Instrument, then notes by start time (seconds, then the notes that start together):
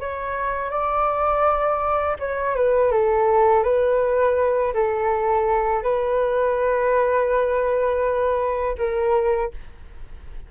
flute
0.00 C#5
0.71 D5
2.20 C#5
2.56 B4
2.92 A4
3.63 B4
4.74 A4
5.83 B4
8.78 A#4